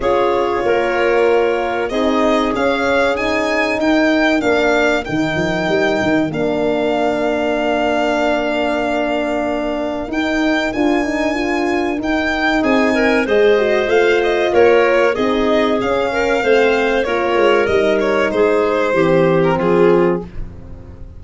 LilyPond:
<<
  \new Staff \with { instrumentName = "violin" } { \time 4/4 \tempo 4 = 95 cis''2. dis''4 | f''4 gis''4 g''4 f''4 | g''2 f''2~ | f''1 |
g''4 gis''2 g''4 | gis''4 dis''4 f''8 dis''8 cis''4 | dis''4 f''2 cis''4 | dis''8 cis''8 c''4.~ c''16 ais'16 gis'4 | }
  \new Staff \with { instrumentName = "clarinet" } { \time 4/4 gis'4 ais'2 gis'4~ | gis'2 ais'2~ | ais'1~ | ais'1~ |
ais'1 | gis'8 ais'8 c''2 ais'4 | gis'4. ais'8 c''4 ais'4~ | ais'4 gis'4 g'4 f'4 | }
  \new Staff \with { instrumentName = "horn" } { \time 4/4 f'2. dis'4 | cis'4 dis'2 d'4 | dis'2 d'2~ | d'1 |
dis'4 f'8 dis'8 f'4 dis'4~ | dis'4 gis'8 fis'8 f'2 | dis'4 cis'4 c'4 f'4 | dis'2 c'2 | }
  \new Staff \with { instrumentName = "tuba" } { \time 4/4 cis'4 ais2 c'4 | cis'2 dis'4 ais4 | dis8 f8 g8 dis8 ais2~ | ais1 |
dis'4 d'2 dis'4 | c'4 gis4 a4 ais4 | c'4 cis'4 a4 ais8 gis8 | g4 gis4 e4 f4 | }
>>